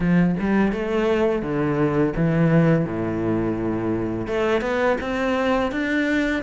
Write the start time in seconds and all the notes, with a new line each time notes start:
0.00 F3
0.39 G3
0.72 A3
1.42 D3
2.16 E3
2.85 A2
4.27 A3
4.61 B3
5.01 C4
5.71 D4